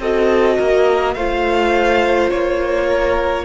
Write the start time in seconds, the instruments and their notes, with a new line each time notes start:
0.00 cello C4, viola F#4, violin A4 D#5
0.58 cello A#3, violin A#4
1.15 cello A3, viola F4, violin C5 F5
2.30 cello A#3, violin C#5
2.87 violin A#4